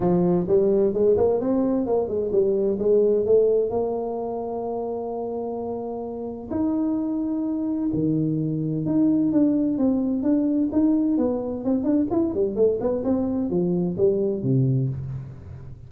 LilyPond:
\new Staff \with { instrumentName = "tuba" } { \time 4/4 \tempo 4 = 129 f4 g4 gis8 ais8 c'4 | ais8 gis8 g4 gis4 a4 | ais1~ | ais2 dis'2~ |
dis'4 dis2 dis'4 | d'4 c'4 d'4 dis'4 | b4 c'8 d'8 e'8 g8 a8 b8 | c'4 f4 g4 c4 | }